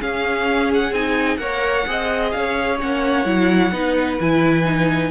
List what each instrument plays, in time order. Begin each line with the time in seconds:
0.00 viola C#4, cello C#4, violin G#4 F5
0.75 violin F#5
0.91 cello C4, viola D#4, violin G#5
1.37 cello A#3, viola A#4, violin C#5 F#5
1.87 cello C4, viola G#4, violin D#5
2.32 cello C#4, violin C#5 F5
2.79 cello A#3, viola C#4, violin F#5
3.25 cello F#3, viola E4
3.72 cello B3, viola D#4, violin B4
4.21 cello E3, viola E4, violin G#5
4.65 viola D#4